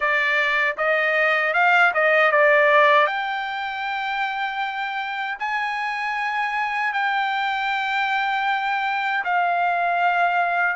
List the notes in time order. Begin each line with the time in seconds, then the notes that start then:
0.00 D5
0.77 D#5
1.53 F5
1.94 D#5
2.31 D5
3.06 G5
5.39 G#5
6.93 G5
9.24 F5